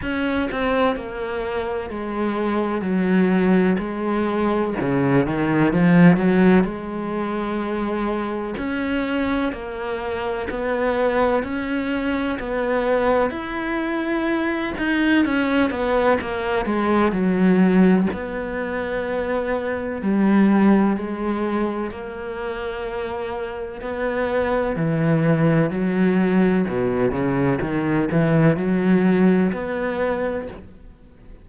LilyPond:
\new Staff \with { instrumentName = "cello" } { \time 4/4 \tempo 4 = 63 cis'8 c'8 ais4 gis4 fis4 | gis4 cis8 dis8 f8 fis8 gis4~ | gis4 cis'4 ais4 b4 | cis'4 b4 e'4. dis'8 |
cis'8 b8 ais8 gis8 fis4 b4~ | b4 g4 gis4 ais4~ | ais4 b4 e4 fis4 | b,8 cis8 dis8 e8 fis4 b4 | }